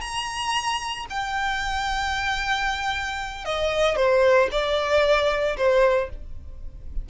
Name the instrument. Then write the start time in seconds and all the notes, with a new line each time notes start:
violin
0.00 A#5
1.09 G5
3.44 D#5
3.96 C5
4.51 D5
5.56 C5